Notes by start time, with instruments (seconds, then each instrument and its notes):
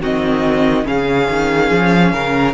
0.00 cello D#3, viola C4, violin F#4 D#5
0.84 cello C#3, viola C#4, violin G#4 F5
1.29 cello D#3
1.70 cello F3
2.12 cello C#3, violin A#4